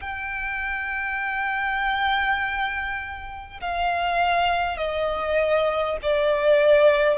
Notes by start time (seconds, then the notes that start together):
0.00 G5
3.61 F5
4.77 D#5
6.02 D5